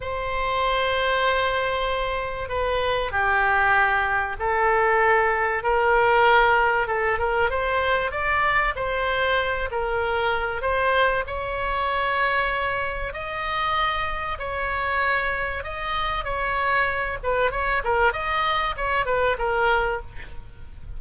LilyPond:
\new Staff \with { instrumentName = "oboe" } { \time 4/4 \tempo 4 = 96 c''1 | b'4 g'2 a'4~ | a'4 ais'2 a'8 ais'8 | c''4 d''4 c''4. ais'8~ |
ais'4 c''4 cis''2~ | cis''4 dis''2 cis''4~ | cis''4 dis''4 cis''4. b'8 | cis''8 ais'8 dis''4 cis''8 b'8 ais'4 | }